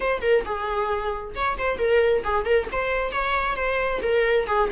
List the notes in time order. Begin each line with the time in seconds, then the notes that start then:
0.00 C5
0.21 A#4
0.45 G#4
1.35 C#5
1.58 C5
1.78 A#4
2.24 G#4
2.45 A#4
2.72 C5
3.11 C#5
3.56 C5
4.02 A#4
4.46 G#4